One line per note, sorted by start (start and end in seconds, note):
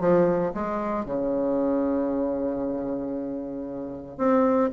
0.00 0.52 F3
0.54 1.05 G#3
1.05 4.18 C#3
4.18 4.70 C4